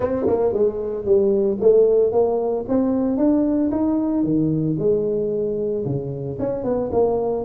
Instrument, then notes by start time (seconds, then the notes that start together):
tuba
0.00 C4
0.27 A#3
0.53 G#3
1.05 G3
1.60 A3
2.12 A#3
2.68 C4
3.17 D4
3.71 D#4
4.23 D#3
4.78 G#3
5.85 C#3
6.39 C#4
6.63 B3
6.92 A#3